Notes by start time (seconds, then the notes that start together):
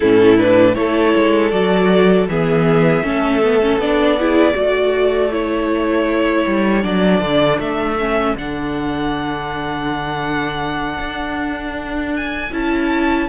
0.00 A2 C#4 E4 A4
0.37 D4 B4
0.75 A3 E4 A4 C#5
1.16 G#3
1.50 F#3 F#4 D5
2.27 E3 B3 G#4 E5
3.02 A3 C#4 A4
3.42 B3
3.61 C#4
3.77 B3 D4 D5
4.19 E4 G#4
4.53 A3 F#4 A4
5.30 E4 C#5
6.46 G3
6.82 F#3 D4 D5
7.21 D3
7.58 A3 E5
7.99 C#4
8.35 D3 D4 F#5
10.98 D4
12.16 G#5
12.52 C#4 E4 A5